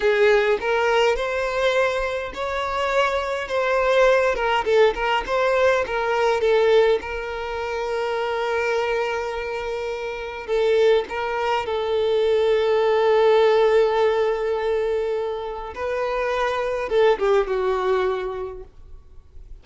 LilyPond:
\new Staff \with { instrumentName = "violin" } { \time 4/4 \tempo 4 = 103 gis'4 ais'4 c''2 | cis''2 c''4. ais'8 | a'8 ais'8 c''4 ais'4 a'4 | ais'1~ |
ais'2 a'4 ais'4 | a'1~ | a'2. b'4~ | b'4 a'8 g'8 fis'2 | }